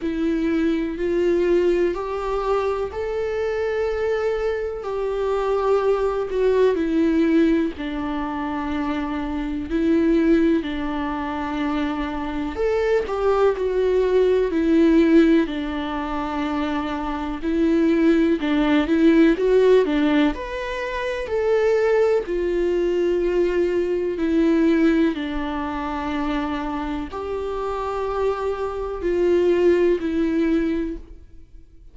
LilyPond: \new Staff \with { instrumentName = "viola" } { \time 4/4 \tempo 4 = 62 e'4 f'4 g'4 a'4~ | a'4 g'4. fis'8 e'4 | d'2 e'4 d'4~ | d'4 a'8 g'8 fis'4 e'4 |
d'2 e'4 d'8 e'8 | fis'8 d'8 b'4 a'4 f'4~ | f'4 e'4 d'2 | g'2 f'4 e'4 | }